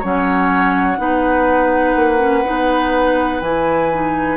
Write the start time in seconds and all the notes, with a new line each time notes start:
0.00 F#3 C#4 C#5 F#5
0.98 B3 D#4 B4
1.96 A#3
2.19 C#4
2.45 B3 D#4
3.42 E3 E4 G#5
3.93 D#4